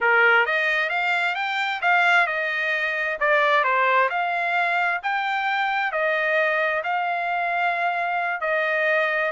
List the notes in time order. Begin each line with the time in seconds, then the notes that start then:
0.00 A#4
0.45 D#5
0.89 F5
1.35 G5
1.81 F5
2.26 D#5
3.19 D5
3.64 C5
4.09 F5
5.02 G5
5.92 D#5
6.83 F5
8.40 D#5